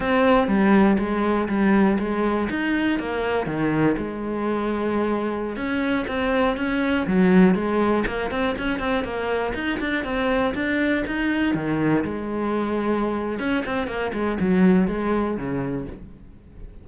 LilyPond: \new Staff \with { instrumentName = "cello" } { \time 4/4 \tempo 4 = 121 c'4 g4 gis4 g4 | gis4 dis'4 ais4 dis4 | gis2.~ gis16 cis'8.~ | cis'16 c'4 cis'4 fis4 gis8.~ |
gis16 ais8 c'8 cis'8 c'8 ais4 dis'8 d'16~ | d'16 c'4 d'4 dis'4 dis8.~ | dis16 gis2~ gis8. cis'8 c'8 | ais8 gis8 fis4 gis4 cis4 | }